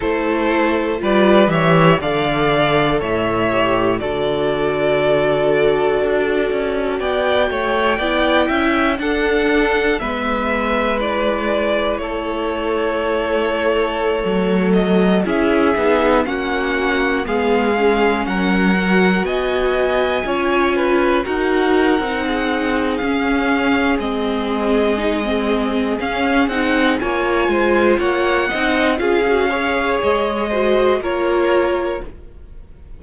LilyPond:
<<
  \new Staff \with { instrumentName = "violin" } { \time 4/4 \tempo 4 = 60 c''4 d''8 e''8 f''4 e''4 | d''2. g''4~ | g''4 fis''4 e''4 d''4 | cis''2~ cis''8. dis''8 e''8.~ |
e''16 fis''4 f''4 fis''4 gis''8.~ | gis''4~ gis''16 fis''4.~ fis''16 f''4 | dis''2 f''8 fis''8 gis''4 | fis''4 f''4 dis''4 cis''4 | }
  \new Staff \with { instrumentName = "violin" } { \time 4/4 a'4 b'8 cis''8 d''4 cis''4 | a'2. d''8 cis''8 | d''8 e''8 a'4 b'2 | a'2.~ a'16 gis'8.~ |
gis'16 fis'4 gis'4 ais'4 dis''8.~ | dis''16 cis''8 b'8 ais'4 gis'4.~ gis'16~ | gis'2. cis''8 c''8 | cis''8 dis''8 gis'8 cis''4 c''8 ais'4 | }
  \new Staff \with { instrumentName = "viola" } { \time 4/4 e'4 f'8 g'8 a'4. g'8 | fis'1 | e'4 d'4 b4 e'4~ | e'2~ e'16 a4 e'8 dis'16~ |
dis'16 cis'4 b8 cis'4 fis'4~ fis'16~ | fis'16 f'4 fis'8. dis'4 cis'4 | c'4 dis'16 c'8. cis'8 dis'8 f'4~ | f'8 dis'8 f'16 fis'16 gis'4 fis'8 f'4 | }
  \new Staff \with { instrumentName = "cello" } { \time 4/4 a4 g8 e8 d4 a,4 | d2 d'8 cis'8 b8 a8 | b8 cis'8 d'4 gis2 | a2~ a16 fis4 cis'8 b16~ |
b16 ais4 gis4 fis4 b8.~ | b16 cis'4 dis'8. c'4 cis'4 | gis2 cis'8 c'8 ais8 gis8 | ais8 c'8 cis'4 gis4 ais4 | }
>>